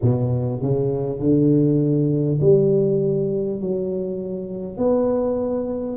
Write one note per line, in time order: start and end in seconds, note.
0.02 0.62 B2
0.62 1.19 C#3
1.19 2.39 D3
2.40 3.60 G3
3.60 4.77 F#3
4.77 5.97 B3